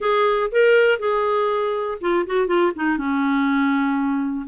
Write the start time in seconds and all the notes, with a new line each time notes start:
0.00 G#4
0.51 A#4
0.99 G#4
2.00 F4
2.26 F#4
2.47 F4
2.75 D#4
2.97 C#4